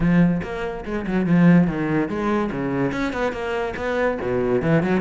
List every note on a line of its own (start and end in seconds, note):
0.00 0.41 F3
0.42 0.84 A#3
0.85 1.05 G#3
1.07 1.26 F#3
1.26 1.67 F3
1.67 2.09 D#3
2.09 2.50 G#3
2.51 2.92 C#3
2.92 3.12 C#4
3.12 3.32 B3
3.32 3.73 A#3
3.76 4.18 B3
4.21 4.62 B2
4.62 4.82 E3
4.82 5.00 F#3